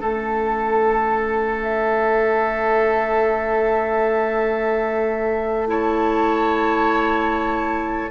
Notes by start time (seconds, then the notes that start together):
0.00 A3 C#4 A4
1.63 E5
5.67 E4 C#5 A5